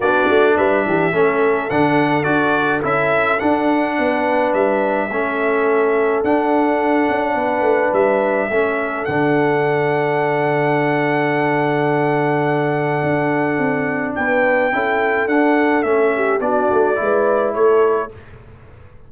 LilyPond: <<
  \new Staff \with { instrumentName = "trumpet" } { \time 4/4 \tempo 4 = 106 d''4 e''2 fis''4 | d''4 e''4 fis''2 | e''2. fis''4~ | fis''2 e''2 |
fis''1~ | fis''1~ | fis''4 g''2 fis''4 | e''4 d''2 cis''4 | }
  \new Staff \with { instrumentName = "horn" } { \time 4/4 fis'4 b'8 g'8 a'2~ | a'2. b'4~ | b'4 a'2.~ | a'4 b'2 a'4~ |
a'1~ | a'1~ | a'4 b'4 a'2~ | a'8 g'8 fis'4 b'4 a'4 | }
  \new Staff \with { instrumentName = "trombone" } { \time 4/4 d'2 cis'4 d'4 | fis'4 e'4 d'2~ | d'4 cis'2 d'4~ | d'2. cis'4 |
d'1~ | d'1~ | d'2 e'4 d'4 | cis'4 d'4 e'2 | }
  \new Staff \with { instrumentName = "tuba" } { \time 4/4 b8 a8 g8 e8 a4 d4 | d'4 cis'4 d'4 b4 | g4 a2 d'4~ | d'8 cis'8 b8 a8 g4 a4 |
d1~ | d2. d'4 | c'4 b4 cis'4 d'4 | a4 b8 a8 gis4 a4 | }
>>